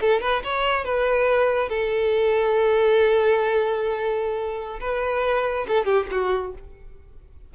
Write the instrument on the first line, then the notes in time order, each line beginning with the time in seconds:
violin
0.00 A4
0.21 B4
0.44 C#5
0.84 B4
1.69 A4
4.80 B4
5.67 A4
5.85 G4
6.11 F#4